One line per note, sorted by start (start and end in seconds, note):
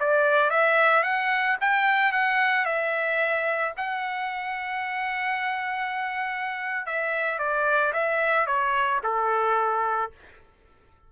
0.00 0.50 D5
0.50 1.03 E5
1.03 1.57 F#5
1.61 2.12 G5
2.12 2.65 F#5
2.65 3.73 E5
3.77 6.86 F#5
6.86 7.39 E5
7.39 7.93 D5
7.93 8.47 E5
8.47 9.01 C#5
9.03 10.12 A4